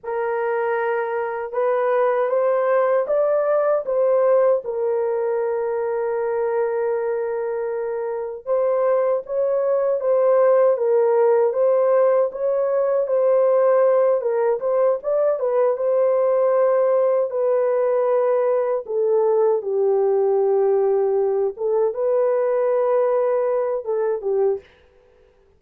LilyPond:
\new Staff \with { instrumentName = "horn" } { \time 4/4 \tempo 4 = 78 ais'2 b'4 c''4 | d''4 c''4 ais'2~ | ais'2. c''4 | cis''4 c''4 ais'4 c''4 |
cis''4 c''4. ais'8 c''8 d''8 | b'8 c''2 b'4.~ | b'8 a'4 g'2~ g'8 | a'8 b'2~ b'8 a'8 g'8 | }